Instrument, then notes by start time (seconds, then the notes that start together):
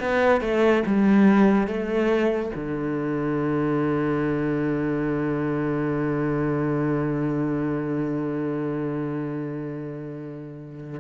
cello
0.00 B3
0.41 A3
0.87 G3
1.67 A3
2.55 D3